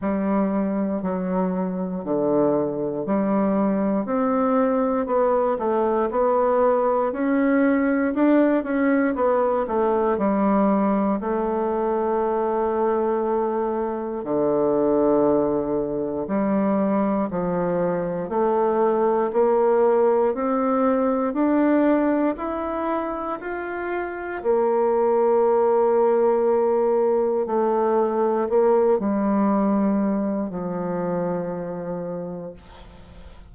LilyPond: \new Staff \with { instrumentName = "bassoon" } { \time 4/4 \tempo 4 = 59 g4 fis4 d4 g4 | c'4 b8 a8 b4 cis'4 | d'8 cis'8 b8 a8 g4 a4~ | a2 d2 |
g4 f4 a4 ais4 | c'4 d'4 e'4 f'4 | ais2. a4 | ais8 g4. f2 | }